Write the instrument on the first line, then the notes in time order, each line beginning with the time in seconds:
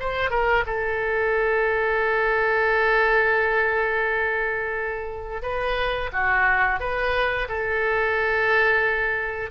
oboe
0.00 C5
0.31 A#4
0.67 A4
5.43 B4
6.13 F#4
6.80 B4
7.49 A4